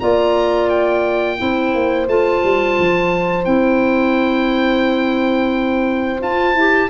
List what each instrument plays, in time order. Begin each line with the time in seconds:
0.00 tuba A#3, clarinet F4, horn D5, oboe A#5
0.69 oboe G5
1.38 tuba C4, clarinet E4, horn C5
1.74 tuba A#3
2.07 tuba A3, clarinet F4, oboe A5
2.43 tuba G3
2.79 tuba F3
3.44 tuba C4, clarinet E4, oboe G5
6.19 clarinet F4, tuba F4, oboe A5
6.54 tuba E4, clarinet G4